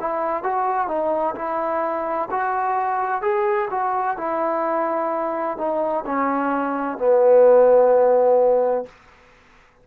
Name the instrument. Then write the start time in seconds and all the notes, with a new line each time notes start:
trombone
0.00 E4
0.43 F#4
0.88 D#4
1.35 E4
2.31 F#4
3.22 G#4
3.70 F#4
4.17 E4
5.57 D#4
6.06 C#4
6.98 B3